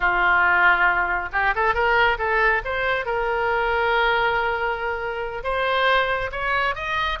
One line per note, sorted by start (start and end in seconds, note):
0.00 1.29 F4
1.32 1.54 G4
1.55 1.74 A4
1.74 2.17 A#4
2.18 2.62 A4
2.64 3.05 C5
3.05 5.43 A#4
5.43 6.30 C5
6.31 6.75 C#5
6.75 7.19 D#5